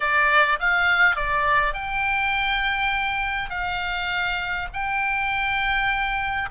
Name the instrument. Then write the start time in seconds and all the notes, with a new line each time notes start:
oboe
0.00 D5
0.59 F5
1.16 D5
1.73 G5
3.50 F5
4.73 G5